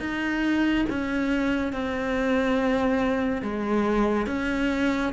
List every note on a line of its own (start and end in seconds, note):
0.00 0.86 D#4
0.90 1.73 C#4
1.73 3.42 C4
3.42 4.27 G#3
4.27 5.13 C#4